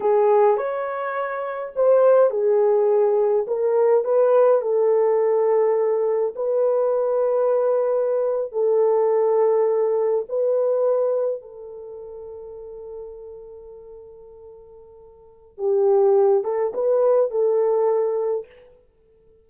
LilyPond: \new Staff \with { instrumentName = "horn" } { \time 4/4 \tempo 4 = 104 gis'4 cis''2 c''4 | gis'2 ais'4 b'4 | a'2. b'4~ | b'2~ b'8. a'4~ a'16~ |
a'4.~ a'16 b'2 a'16~ | a'1~ | a'2. g'4~ | g'8 a'8 b'4 a'2 | }